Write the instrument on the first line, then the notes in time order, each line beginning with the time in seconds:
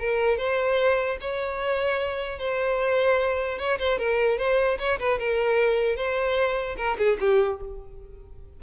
violin
0.00 A#4
0.38 C5
1.21 C#5
2.39 C5
3.59 C#5
3.79 C5
3.99 A#4
4.39 C5
4.79 C#5
4.99 B4
5.19 A#4
5.96 C5
6.78 A#4
6.99 G#4
7.20 G4